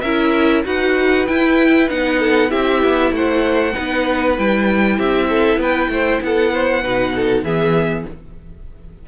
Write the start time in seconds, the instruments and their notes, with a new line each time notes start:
0.00 cello C#4, viola E4, violin A#4 E5
0.64 cello D#4, viola F#4, violin B4 F#5
1.27 viola E4, cello E4, violin G5
1.88 cello B3, viola D#4, violin F#5
2.19 violin A4
2.48 cello C4, viola E4, violin G4 E5
2.82 cello B3
3.11 cello A3, violin C5 F#5
3.73 cello B3, viola D#4, violin B4
4.37 cello G3, viola E4, violin G5
4.97 cello C4, violin G4 E5
5.29 violin A4
5.56 cello B3, violin B4 G5
5.89 cello A3, violin C5
6.21 cello B3, violin A4 F#5
6.53 violin C5
6.82 cello B2, viola D#4, violin B4
7.15 violin A4
7.43 cello E3, viola B3, violin G#4 E5